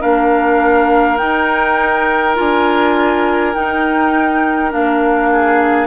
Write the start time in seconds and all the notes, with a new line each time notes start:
0.00 A#3 D4 A#4 F5
1.17 D#4 G5
2.35 D4 F4 G#5
3.54 D#4 G5
4.71 A#3 D4 F5
5.32 G#4